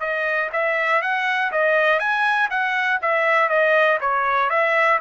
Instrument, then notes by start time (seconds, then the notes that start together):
trumpet
0.00 D#5
0.52 E5
1.02 F#5
1.51 D#5
1.99 G#5
2.50 F#5
3.01 E5
3.49 D#5
4.00 C#5
4.50 E5